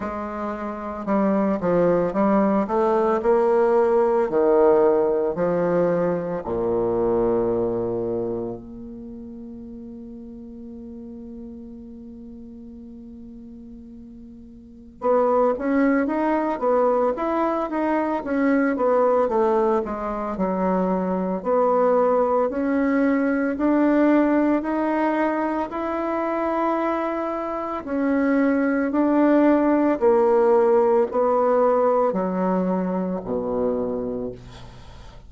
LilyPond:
\new Staff \with { instrumentName = "bassoon" } { \time 4/4 \tempo 4 = 56 gis4 g8 f8 g8 a8 ais4 | dis4 f4 ais,2 | ais1~ | ais2 b8 cis'8 dis'8 b8 |
e'8 dis'8 cis'8 b8 a8 gis8 fis4 | b4 cis'4 d'4 dis'4 | e'2 cis'4 d'4 | ais4 b4 fis4 b,4 | }